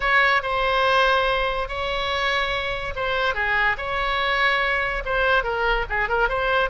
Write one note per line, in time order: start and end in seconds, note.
0.00 0.42 C#5
0.42 1.68 C5
1.68 2.94 C#5
2.95 3.34 C5
3.34 3.76 G#4
3.77 5.03 C#5
5.05 5.43 C5
5.43 5.85 A#4
5.89 6.09 G#4
6.09 6.28 A#4
6.28 6.69 C5